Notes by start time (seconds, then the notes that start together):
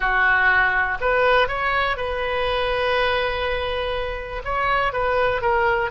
0.00 F#4
1.00 B4
1.48 C#5
1.96 B4
4.44 C#5
4.92 B4
5.41 A#4